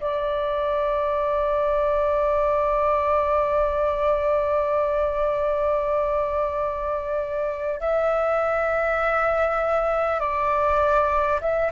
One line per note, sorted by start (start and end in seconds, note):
0.00 7.80 D5
7.80 10.19 E5
10.19 11.39 D5
11.41 11.71 E5